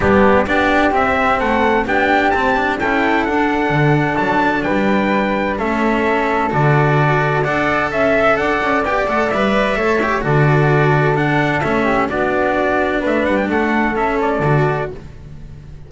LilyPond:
<<
  \new Staff \with { instrumentName = "trumpet" } { \time 4/4 \tempo 4 = 129 g'4 d''4 e''4 fis''4 | g''4 a''4 g''4 fis''4~ | fis''4 a''4 g''2 | e''2 d''2 |
fis''4 e''4 fis''4 g''8 fis''8 | e''2 d''2 | fis''4 e''4 d''2 | e''8 fis''16 g''16 fis''4 e''8 d''4. | }
  \new Staff \with { instrumentName = "flute" } { \time 4/4 d'4 g'2 a'4 | g'2 a'2~ | a'2 b'2 | a'1 |
d''4 e''4 d''2~ | d''4 cis''4 a'2~ | a'4. g'8 fis'2 | b'4 a'2. | }
  \new Staff \with { instrumentName = "cello" } { \time 4/4 b4 d'4 c'2 | d'4 c'8 d'8 e'4 d'4~ | d'1 | cis'2 fis'2 |
a'2. g'8 a'8 | b'4 a'8 g'8 fis'2 | d'4 cis'4 d'2~ | d'2 cis'4 fis'4 | }
  \new Staff \with { instrumentName = "double bass" } { \time 4/4 g4 b4 c'4 a4 | b4 c'4 cis'4 d'4 | d4 fis4 g2 | a2 d2 |
d'4 cis'4 d'8 cis'8 b8 a8 | g4 a4 d2~ | d4 a4 b2 | a8 g8 a2 d4 | }
>>